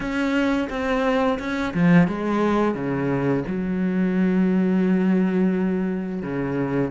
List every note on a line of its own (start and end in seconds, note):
0.00 0.68 C#4
0.69 1.38 C4
1.39 1.73 C#4
1.73 2.07 F3
2.07 2.74 G#3
2.74 3.43 C#3
3.47 6.22 F#3
6.22 6.90 C#3